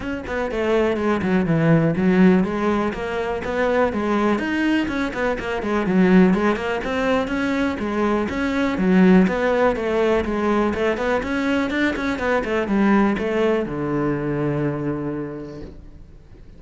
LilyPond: \new Staff \with { instrumentName = "cello" } { \time 4/4 \tempo 4 = 123 cis'8 b8 a4 gis8 fis8 e4 | fis4 gis4 ais4 b4 | gis4 dis'4 cis'8 b8 ais8 gis8 | fis4 gis8 ais8 c'4 cis'4 |
gis4 cis'4 fis4 b4 | a4 gis4 a8 b8 cis'4 | d'8 cis'8 b8 a8 g4 a4 | d1 | }